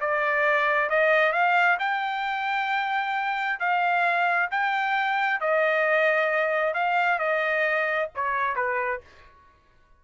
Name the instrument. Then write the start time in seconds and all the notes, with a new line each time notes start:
trumpet
0.00 D5
0.89 D#5
1.32 F5
1.79 G5
3.59 F5
4.50 G5
5.40 D#5
6.74 F5
7.19 D#5
8.15 C#5
8.55 B4